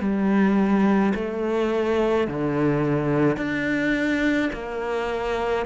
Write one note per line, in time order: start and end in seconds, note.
0.00 1.13 G3
1.15 2.27 A3
2.27 3.37 D3
3.37 4.50 D4
4.53 5.66 A#3